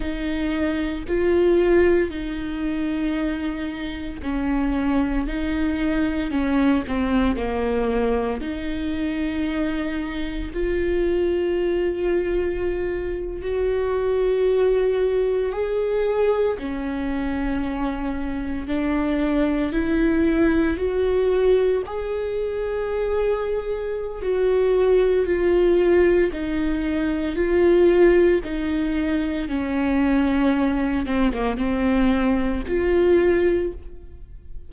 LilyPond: \new Staff \with { instrumentName = "viola" } { \time 4/4 \tempo 4 = 57 dis'4 f'4 dis'2 | cis'4 dis'4 cis'8 c'8 ais4 | dis'2 f'2~ | f'8. fis'2 gis'4 cis'16~ |
cis'4.~ cis'16 d'4 e'4 fis'16~ | fis'8. gis'2~ gis'16 fis'4 | f'4 dis'4 f'4 dis'4 | cis'4. c'16 ais16 c'4 f'4 | }